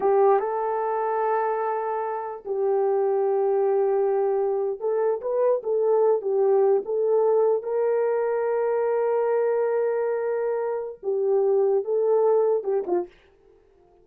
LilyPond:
\new Staff \with { instrumentName = "horn" } { \time 4/4 \tempo 4 = 147 g'4 a'2.~ | a'2 g'2~ | g'2.~ g'8. a'16~ | a'8. b'4 a'4. g'8.~ |
g'8. a'2 ais'4~ ais'16~ | ais'1~ | ais'2. g'4~ | g'4 a'2 g'8 f'8 | }